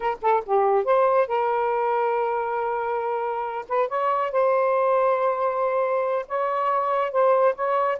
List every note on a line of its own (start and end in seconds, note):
0.00 0.17 A#4
0.21 0.43 A4
0.45 0.84 G4
0.84 1.27 C5
1.27 3.65 A#4
3.68 3.88 B4
3.88 4.31 C#5
4.31 6.26 C5
6.28 7.11 C#5
7.11 7.54 C5
7.55 7.98 C#5